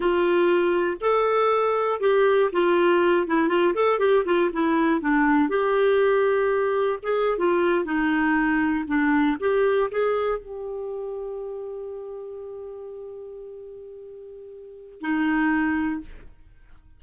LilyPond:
\new Staff \with { instrumentName = "clarinet" } { \time 4/4 \tempo 4 = 120 f'2 a'2 | g'4 f'4. e'8 f'8 a'8 | g'8 f'8 e'4 d'4 g'4~ | g'2 gis'8. f'4 dis'16~ |
dis'4.~ dis'16 d'4 g'4 gis'16~ | gis'8. g'2.~ g'16~ | g'1~ | g'2 dis'2 | }